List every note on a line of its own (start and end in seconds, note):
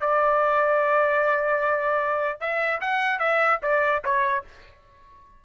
0.00 2.40 D5
2.40 2.80 E5
2.81 3.19 F#5
3.19 3.59 E5
3.62 4.02 D5
4.04 4.44 C#5